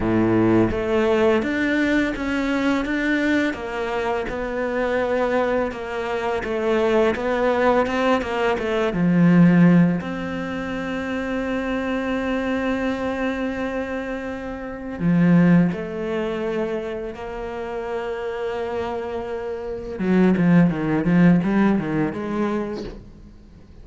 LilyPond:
\new Staff \with { instrumentName = "cello" } { \time 4/4 \tempo 4 = 84 a,4 a4 d'4 cis'4 | d'4 ais4 b2 | ais4 a4 b4 c'8 ais8 | a8 f4. c'2~ |
c'1~ | c'4 f4 a2 | ais1 | fis8 f8 dis8 f8 g8 dis8 gis4 | }